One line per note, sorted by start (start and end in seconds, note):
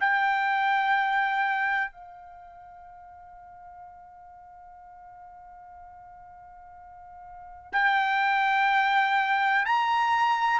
0.00 1.92 G5
1.92 7.72 F5
7.72 9.66 G5
9.66 10.60 A#5